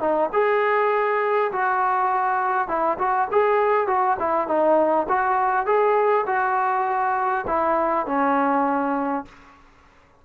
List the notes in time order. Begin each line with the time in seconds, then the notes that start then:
0.00 D#4
0.33 G#4
1.52 F#4
2.68 E4
2.98 F#4
3.32 G#4
3.87 F#4
4.19 E4
4.48 D#4
5.09 F#4
5.66 G#4
6.26 F#4
7.47 E4
8.07 C#4